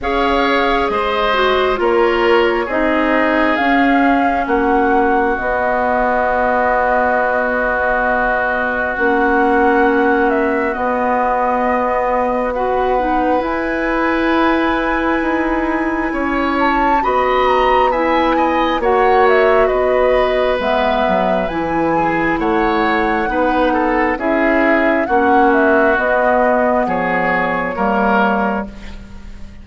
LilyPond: <<
  \new Staff \with { instrumentName = "flute" } { \time 4/4 \tempo 4 = 67 f''4 dis''4 cis''4 dis''4 | f''4 fis''4 dis''2~ | dis''2 fis''4. e''8 | dis''2 fis''4 gis''4~ |
gis''2~ gis''8 a''8 b''8 ais''8 | gis''4 fis''8 e''8 dis''4 e''4 | gis''4 fis''2 e''4 | fis''8 e''8 dis''4 cis''2 | }
  \new Staff \with { instrumentName = "oboe" } { \time 4/4 cis''4 c''4 ais'4 gis'4~ | gis'4 fis'2.~ | fis'1~ | fis'2 b'2~ |
b'2 cis''4 dis''4 | e''8 dis''8 cis''4 b'2~ | b'8 gis'8 cis''4 b'8 a'8 gis'4 | fis'2 gis'4 ais'4 | }
  \new Staff \with { instrumentName = "clarinet" } { \time 4/4 gis'4. fis'8 f'4 dis'4 | cis'2 b2~ | b2 cis'2 | b2 fis'8 dis'8 e'4~ |
e'2. fis'4 | e'4 fis'2 b4 | e'2 dis'4 e'4 | cis'4 b2 ais4 | }
  \new Staff \with { instrumentName = "bassoon" } { \time 4/4 cis'4 gis4 ais4 c'4 | cis'4 ais4 b2~ | b2 ais2 | b2. e'4~ |
e'4 dis'4 cis'4 b4~ | b4 ais4 b4 gis8 fis8 | e4 a4 b4 cis'4 | ais4 b4 f4 g4 | }
>>